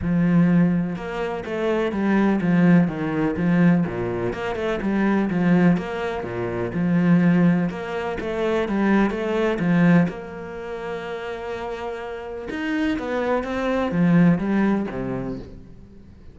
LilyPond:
\new Staff \with { instrumentName = "cello" } { \time 4/4 \tempo 4 = 125 f2 ais4 a4 | g4 f4 dis4 f4 | ais,4 ais8 a8 g4 f4 | ais4 ais,4 f2 |
ais4 a4 g4 a4 | f4 ais2.~ | ais2 dis'4 b4 | c'4 f4 g4 c4 | }